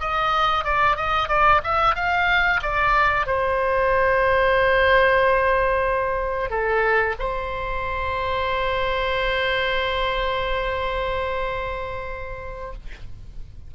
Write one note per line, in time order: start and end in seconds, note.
0.00 0.65 D#5
0.65 0.96 D5
0.96 1.28 D#5
1.28 1.61 D5
1.64 1.95 E5
1.95 2.61 F5
2.62 3.26 D5
3.26 6.50 C5
6.50 7.15 A4
7.19 12.74 C5